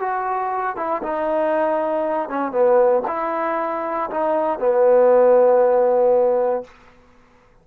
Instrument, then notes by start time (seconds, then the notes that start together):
trombone
0.00 F#4
0.77 E4
1.03 D#4
2.29 C#4
2.52 B3
3.08 E4
4.11 D#4
4.59 B3